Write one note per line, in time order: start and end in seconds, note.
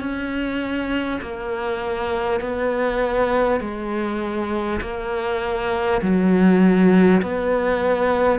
0.00 1.20 C#4
1.21 2.40 A#3
2.40 3.60 B3
3.60 4.80 G#3
4.81 6.01 A#3
6.01 7.21 F#3
7.22 8.39 B3